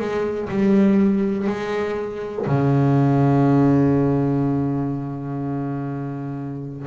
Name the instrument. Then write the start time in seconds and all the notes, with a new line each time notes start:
double bass
0.00 G#3
0.50 G3
1.48 G#3
2.46 C#3